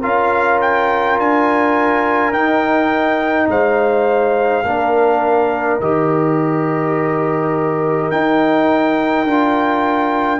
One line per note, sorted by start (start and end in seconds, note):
0.00 1.19 C#4
0.00 2.33 F4
0.00 3.46 A#4
0.00 0.61 F5
0.62 1.19 G5
1.19 2.32 D4
1.19 2.33 G#5
2.32 3.48 D#4
2.32 4.64 D#4
2.32 3.49 G5
3.49 4.64 G#3
3.49 4.66 C5
3.49 5.81 F5
4.65 5.80 A#3
4.65 5.81 D4
4.65 10.40 A#4
5.81 8.11 D#3
5.81 8.12 G4
5.81 8.11 D#5
8.11 9.27 D#4
8.11 9.25 D#4
8.11 10.40 G5
9.25 10.40 D4
9.25 10.40 F4